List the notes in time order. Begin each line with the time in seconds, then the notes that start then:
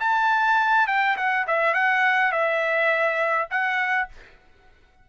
0.00 A5
0.87 G5
1.17 F#5
1.47 E5
1.74 F#5
2.32 E5
3.50 F#5